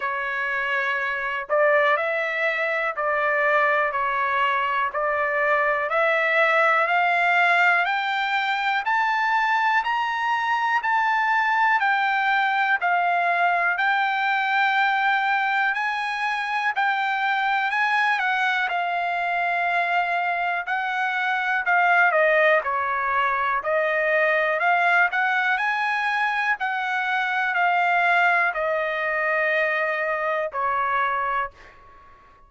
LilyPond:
\new Staff \with { instrumentName = "trumpet" } { \time 4/4 \tempo 4 = 61 cis''4. d''8 e''4 d''4 | cis''4 d''4 e''4 f''4 | g''4 a''4 ais''4 a''4 | g''4 f''4 g''2 |
gis''4 g''4 gis''8 fis''8 f''4~ | f''4 fis''4 f''8 dis''8 cis''4 | dis''4 f''8 fis''8 gis''4 fis''4 | f''4 dis''2 cis''4 | }